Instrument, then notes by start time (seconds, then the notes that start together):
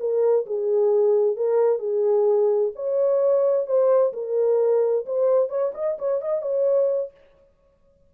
horn
0.00 A#4
0.46 G#4
1.37 A#4
1.79 G#4
2.76 C#5
3.67 C5
4.13 A#4
5.06 C5
5.49 C#5
5.75 D#5
5.99 C#5
6.22 D#5
6.42 C#5